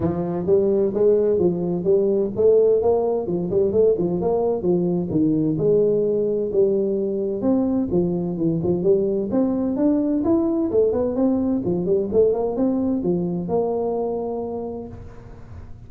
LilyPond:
\new Staff \with { instrumentName = "tuba" } { \time 4/4 \tempo 4 = 129 f4 g4 gis4 f4 | g4 a4 ais4 f8 g8 | a8 f8 ais4 f4 dis4 | gis2 g2 |
c'4 f4 e8 f8 g4 | c'4 d'4 e'4 a8 b8 | c'4 f8 g8 a8 ais8 c'4 | f4 ais2. | }